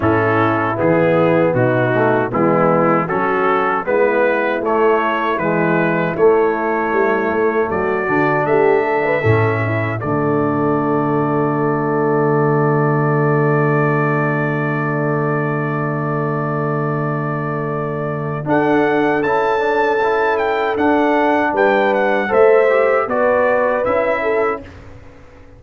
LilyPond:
<<
  \new Staff \with { instrumentName = "trumpet" } { \time 4/4 \tempo 4 = 78 a'4 gis'4 fis'4 e'4 | a'4 b'4 cis''4 b'4 | cis''2 d''4 e''4~ | e''4 d''2.~ |
d''1~ | d''1 | fis''4 a''4. g''8 fis''4 | g''8 fis''8 e''4 d''4 e''4 | }
  \new Staff \with { instrumentName = "horn" } { \time 4/4 e'2 dis'4 b4 | fis'4 e'2.~ | e'2 fis'4 g'8 a'16 b'16 | a'8 e'8 fis'2.~ |
fis'1~ | fis'1 | a'1 | b'4 c''4 b'4. a'8 | }
  \new Staff \with { instrumentName = "trombone" } { \time 4/4 cis'4 b4. a8 gis4 | cis'4 b4 a4 gis4 | a2~ a8 d'4. | cis'4 a2.~ |
a1~ | a1 | d'4 e'8 d'8 e'4 d'4~ | d'4 a'8 g'8 fis'4 e'4 | }
  \new Staff \with { instrumentName = "tuba" } { \time 4/4 a,4 e4 b,4 e4 | fis4 gis4 a4 e4 | a4 g8 a8 fis8 d8 a4 | a,4 d2.~ |
d1~ | d1 | d'4 cis'2 d'4 | g4 a4 b4 cis'4 | }
>>